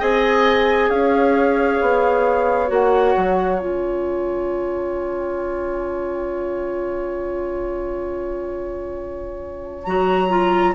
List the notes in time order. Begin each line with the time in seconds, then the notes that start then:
0.00 C4 G#4 D#5 G#5
0.90 C#4 C#5 F5
1.82 B3
2.68 A#3 F#4 F#5
3.17 F#3
3.57 C#4 F4 G#5
9.85 F#3 F#4 A#5
10.29 F4